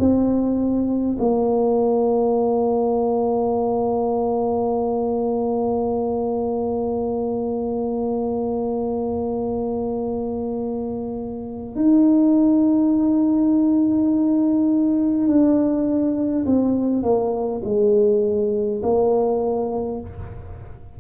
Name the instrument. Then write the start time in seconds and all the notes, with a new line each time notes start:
tuba
0.00 C4
1.19 A#3
11.75 D#4
15.28 D4
16.46 C4
17.03 A#3
17.64 G#3
18.83 A#3